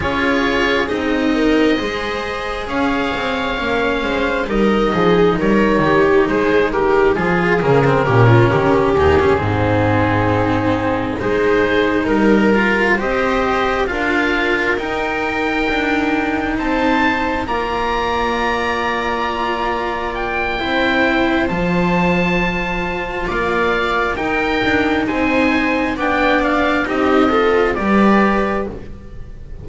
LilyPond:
<<
  \new Staff \with { instrumentName = "oboe" } { \time 4/4 \tempo 4 = 67 cis''4 dis''2 f''4~ | f''4 dis''4 cis''4 c''8 ais'8 | gis'8 ais'4. gis'2~ | gis'8 c''4 ais'4 dis''4 f''8~ |
f''8 g''2 a''4 ais''8~ | ais''2~ ais''8 g''4. | a''2 f''4 g''4 | gis''4 g''8 f''8 dis''4 d''4 | }
  \new Staff \with { instrumentName = "viola" } { \time 4/4 gis'4. ais'8 c''4 cis''4~ | cis''8 c''8 ais'8 gis'8 ais'8 g'8 gis'8 g'8 | gis'4 g'16 f'16 g'4 dis'4.~ | dis'8 gis'4 ais'4 c''4 ais'8~ |
ais'2~ ais'8 c''4 d''8~ | d''2. c''4~ | c''2 d''4 ais'4 | c''4 d''4 g'8 a'8 b'4 | }
  \new Staff \with { instrumentName = "cello" } { \time 4/4 f'4 dis'4 gis'2 | cis'4 dis'2. | f'8 ais16 c'16 cis'4 dis'16 cis'16 c'4.~ | c'8 dis'4. f'8 g'4 f'8~ |
f'8 dis'2. f'8~ | f'2. e'4 | f'2. dis'4~ | dis'4 d'4 dis'8 f'8 g'4 | }
  \new Staff \with { instrumentName = "double bass" } { \time 4/4 cis'4 c'4 gis4 cis'8 c'8 | ais8 gis8 g8 f8 g8 dis8 gis4 | f8 cis8 ais,8 dis8 dis,8 gis,4.~ | gis,8 gis4 g4 c'4 d'8~ |
d'8 dis'4 d'4 c'4 ais8~ | ais2. c'4 | f2 ais4 dis'8 d'8 | c'4 b4 c'4 g4 | }
>>